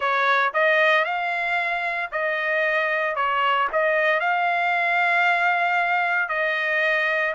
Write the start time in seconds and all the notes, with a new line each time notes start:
0.00 C#5
0.53 D#5
1.05 F5
2.11 D#5
3.15 C#5
3.72 D#5
4.20 F5
6.28 D#5